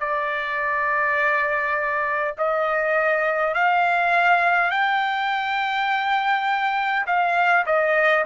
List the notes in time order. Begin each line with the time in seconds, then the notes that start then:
0.00 D5
2.38 D#5
3.55 F5
4.71 G5
7.07 F5
7.66 D#5